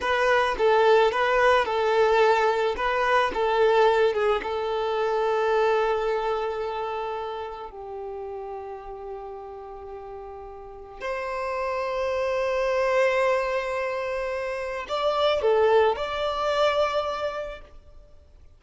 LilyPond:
\new Staff \with { instrumentName = "violin" } { \time 4/4 \tempo 4 = 109 b'4 a'4 b'4 a'4~ | a'4 b'4 a'4. gis'8 | a'1~ | a'2 g'2~ |
g'1 | c''1~ | c''2. d''4 | a'4 d''2. | }